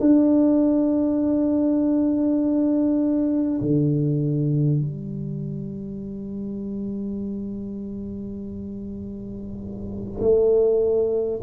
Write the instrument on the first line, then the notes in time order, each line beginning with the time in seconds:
tuba
0.00 D4
3.61 D3
4.80 G3
10.20 A3